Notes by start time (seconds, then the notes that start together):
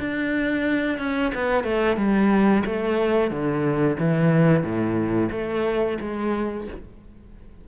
0.00 D4
0.98 C#4
1.35 B3
1.64 A3
1.97 G3
2.66 A3
3.31 D3
3.99 E3
4.63 A2
5.32 A3
6.01 G#3